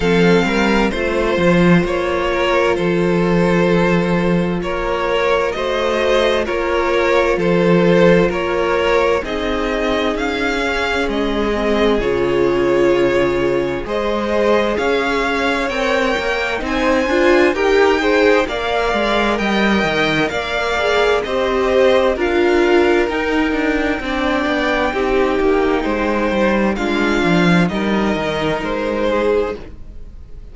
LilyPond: <<
  \new Staff \with { instrumentName = "violin" } { \time 4/4 \tempo 4 = 65 f''4 c''4 cis''4 c''4~ | c''4 cis''4 dis''4 cis''4 | c''4 cis''4 dis''4 f''4 | dis''4 cis''2 dis''4 |
f''4 g''4 gis''4 g''4 | f''4 g''4 f''4 dis''4 | f''4 g''2.~ | g''4 f''4 dis''4 c''4 | }
  \new Staff \with { instrumentName = "violin" } { \time 4/4 a'8 ais'8 c''4. ais'8 a'4~ | a'4 ais'4 c''4 ais'4 | a'4 ais'4 gis'2~ | gis'2. c''4 |
cis''2 c''4 ais'8 c''8 | d''4 dis''4 d''4 c''4 | ais'2 d''4 g'4 | c''4 f'4 ais'4. gis'8 | }
  \new Staff \with { instrumentName = "viola" } { \time 4/4 c'4 f'2.~ | f'2 fis'4 f'4~ | f'2 dis'4. cis'8~ | cis'8 c'8 f'2 gis'4~ |
gis'4 ais'4 dis'8 f'8 g'8 gis'8 | ais'2~ ais'8 gis'8 g'4 | f'4 dis'4 d'4 dis'4~ | dis'4 d'4 dis'2 | }
  \new Staff \with { instrumentName = "cello" } { \time 4/4 f8 g8 a8 f8 ais4 f4~ | f4 ais4 a4 ais4 | f4 ais4 c'4 cis'4 | gis4 cis2 gis4 |
cis'4 c'8 ais8 c'8 d'8 dis'4 | ais8 gis8 g8 dis8 ais4 c'4 | d'4 dis'8 d'8 c'8 b8 c'8 ais8 | gis8 g8 gis8 f8 g8 dis8 gis4 | }
>>